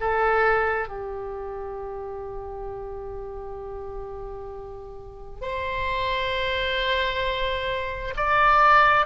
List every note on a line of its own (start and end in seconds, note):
0.00 0.88 A4
0.88 5.41 G4
5.41 8.14 C5
8.17 9.06 D5